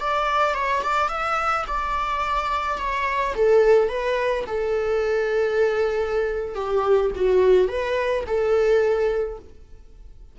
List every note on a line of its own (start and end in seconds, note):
0.00 0.55 D5
0.55 0.83 C#5
0.83 1.09 D5
1.09 1.65 E5
1.68 2.78 D5
2.78 3.34 C#5
3.35 3.89 A4
3.89 4.45 B4
4.47 6.55 A4
6.55 7.11 G4
7.15 7.68 F#4
7.68 8.25 B4
8.27 9.39 A4